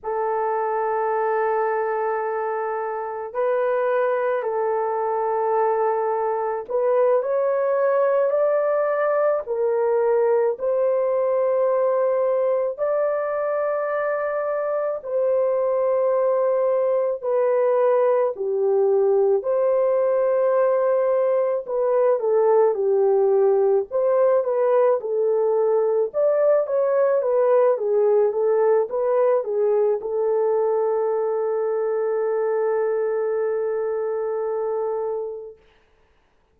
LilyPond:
\new Staff \with { instrumentName = "horn" } { \time 4/4 \tempo 4 = 54 a'2. b'4 | a'2 b'8 cis''4 d''8~ | d''8 ais'4 c''2 d''8~ | d''4. c''2 b'8~ |
b'8 g'4 c''2 b'8 | a'8 g'4 c''8 b'8 a'4 d''8 | cis''8 b'8 gis'8 a'8 b'8 gis'8 a'4~ | a'1 | }